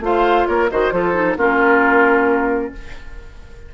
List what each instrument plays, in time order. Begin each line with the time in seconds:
0.00 bassoon A3, clarinet F4, oboe C5, flute F5
0.47 bassoon A#3, oboe A#4, flute C#5
0.71 bassoon D#3, clarinet F#4, oboe C5, flute D#5
0.92 bassoon F3, clarinet F4, oboe A4, flute C5
1.14 clarinet D#4
1.37 bassoon A#3, clarinet C#4, oboe F4, flute A#4